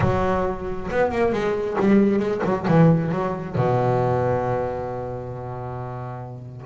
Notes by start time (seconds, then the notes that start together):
0.00 F#3
0.91 B3
1.11 A#3
1.32 G#3
1.80 G3
2.19 G#3
2.44 F#3
2.67 E3
3.11 F#3
3.55 B2